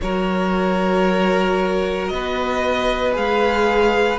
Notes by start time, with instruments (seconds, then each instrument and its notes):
0.01 cello F#3, viola F#4, violin A#4 C#5
2.08 cello B3, violin B4 D#5
3.12 cello G#3, viola G#4, violin F5